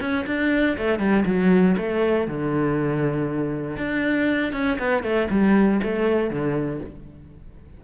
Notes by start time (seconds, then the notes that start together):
0.00 C#4
0.27 D4
0.77 A3
0.99 G3
1.25 F#3
1.77 A3
2.27 D3
3.77 D4
4.52 C#4
4.79 B3
5.03 A3
5.30 G3
5.83 A3
6.30 D3